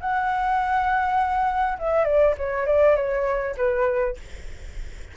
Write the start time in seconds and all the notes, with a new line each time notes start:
0.00 F#5
1.78 E5
2.05 D5
2.37 C#5
2.66 D5
2.96 C#5
3.57 B4